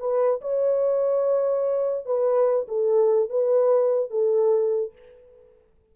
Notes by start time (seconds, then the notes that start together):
0.00 B4
0.42 C#5
2.06 B4
2.69 A4
3.30 B4
4.11 A4